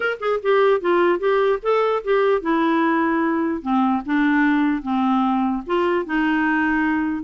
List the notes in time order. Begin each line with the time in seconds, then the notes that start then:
0.00 A#4
0.20 G#4
0.42 G4
0.81 F4
1.19 G4
1.62 A4
2.03 G4
2.41 E4
3.62 C4
4.05 D4
4.82 C4
5.66 F4
6.05 D#4